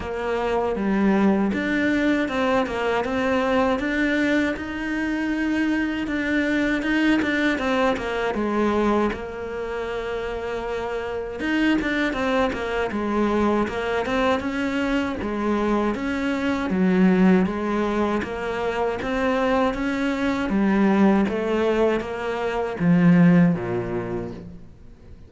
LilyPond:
\new Staff \with { instrumentName = "cello" } { \time 4/4 \tempo 4 = 79 ais4 g4 d'4 c'8 ais8 | c'4 d'4 dis'2 | d'4 dis'8 d'8 c'8 ais8 gis4 | ais2. dis'8 d'8 |
c'8 ais8 gis4 ais8 c'8 cis'4 | gis4 cis'4 fis4 gis4 | ais4 c'4 cis'4 g4 | a4 ais4 f4 ais,4 | }